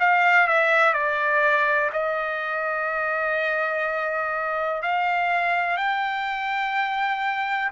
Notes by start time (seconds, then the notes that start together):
0.00 F5
0.48 E5
0.94 D5
1.93 D#5
4.83 F5
5.78 G5